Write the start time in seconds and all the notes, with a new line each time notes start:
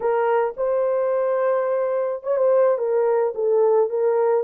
0.00 A#4
0.56 C5
2.23 C#5
2.36 C5
2.78 A#4
3.35 A4
3.89 A#4